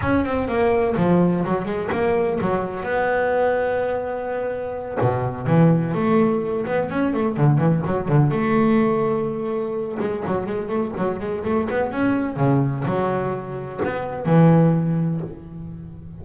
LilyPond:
\new Staff \with { instrumentName = "double bass" } { \time 4/4 \tempo 4 = 126 cis'8 c'8 ais4 f4 fis8 gis8 | ais4 fis4 b2~ | b2~ b8 b,4 e8~ | e8 a4. b8 cis'8 a8 d8 |
e8 fis8 d8 a2~ a8~ | a4 gis8 fis8 gis8 a8 fis8 gis8 | a8 b8 cis'4 cis4 fis4~ | fis4 b4 e2 | }